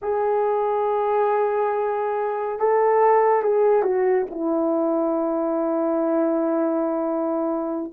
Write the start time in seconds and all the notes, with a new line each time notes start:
0.02 G#4
2.59 A4
3.42 G#4
3.82 F#4
4.30 E4